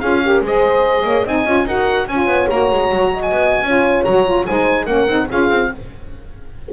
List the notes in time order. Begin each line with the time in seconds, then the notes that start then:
0.00 C#4 F4 G#4 F5
0.23 G4 A#4
0.41 G#3 G#4 C5 D#5
1.04 A#3 C#5
1.25 C4 D#4 D#5 G#5
1.46 C#4 F4
1.66 D#4 F#4 A#4 F#5
2.07 C#4 F4 C#5 G#5
2.27 B3
2.50 A#3 F#4 A#5
2.71 G#3
2.92 F#3
3.14 D#5
3.22 G#5
3.31 B3
3.62 C#4 F4 C#5
4.04 F#3 F#4 A#5
4.25 F4
4.46 G#3 D#4 C5 G#5
4.86 A#3 C#4 A#4 F#5
5.08 C4 D#4
5.30 C#4 F4 G#4 F5
5.50 C4